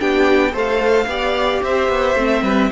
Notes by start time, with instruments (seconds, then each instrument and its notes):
0.00 cello B3, viola D4, violin G4 G5
0.53 cello A3, viola A4, violin C5 F5
1.07 cello B3, viola G4, violin D5
1.63 cello C4, violin C5 E5
1.89 cello B3
2.16 cello A3, viola C4
2.43 cello G3, violin B4